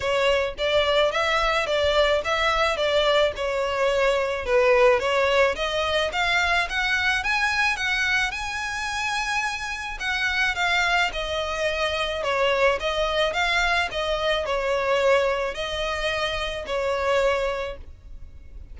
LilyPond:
\new Staff \with { instrumentName = "violin" } { \time 4/4 \tempo 4 = 108 cis''4 d''4 e''4 d''4 | e''4 d''4 cis''2 | b'4 cis''4 dis''4 f''4 | fis''4 gis''4 fis''4 gis''4~ |
gis''2 fis''4 f''4 | dis''2 cis''4 dis''4 | f''4 dis''4 cis''2 | dis''2 cis''2 | }